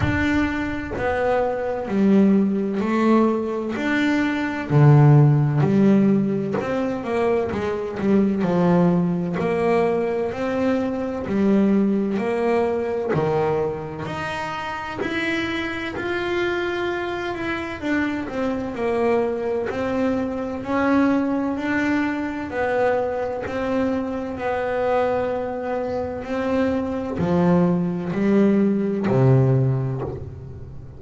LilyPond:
\new Staff \with { instrumentName = "double bass" } { \time 4/4 \tempo 4 = 64 d'4 b4 g4 a4 | d'4 d4 g4 c'8 ais8 | gis8 g8 f4 ais4 c'4 | g4 ais4 dis4 dis'4 |
e'4 f'4. e'8 d'8 c'8 | ais4 c'4 cis'4 d'4 | b4 c'4 b2 | c'4 f4 g4 c4 | }